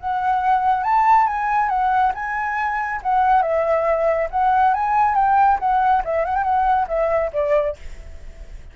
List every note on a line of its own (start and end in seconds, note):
0.00 0.84 F#5
0.84 1.27 A5
1.27 1.69 G#5
1.69 2.12 F#5
2.15 3.01 G#5
3.03 3.43 F#5
3.43 4.29 E5
4.31 4.74 F#5
4.74 5.15 G#5
5.15 5.58 G5
5.60 6.03 F#5
6.05 6.25 E5
6.25 6.36 F#5
6.36 6.44 G5
6.44 6.87 F#5
6.88 7.31 E5
7.33 7.77 D5